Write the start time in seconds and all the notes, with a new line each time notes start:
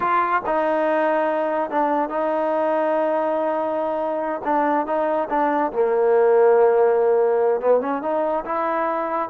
0.00 F4
0.46 D#4
1.70 D4
2.09 D#4
4.44 D4
4.86 D#4
5.29 D4
5.72 A#3
7.61 B3
7.81 C#4
8.02 D#4
8.45 E4